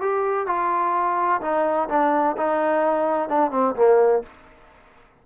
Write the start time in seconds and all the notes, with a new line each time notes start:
0.00 G4
0.46 F4
1.41 D#4
1.89 D4
2.36 D#4
3.29 D4
3.51 C4
3.75 A#3